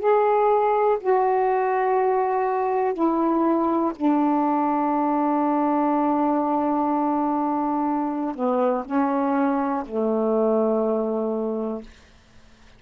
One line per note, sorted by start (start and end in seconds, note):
0.00 0.98 G#4
1.01 2.94 F#4
2.94 3.92 E4
3.96 8.36 D4
8.36 8.85 B3
8.86 9.84 C#4
9.86 11.83 A3